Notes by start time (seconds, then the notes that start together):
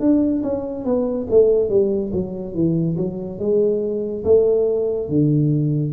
0.00 D4
0.43 C#4
0.85 B3
1.30 A3
1.69 G3
2.13 F#3
2.55 E3
2.97 F#3
3.39 G#3
4.24 A3
5.09 D3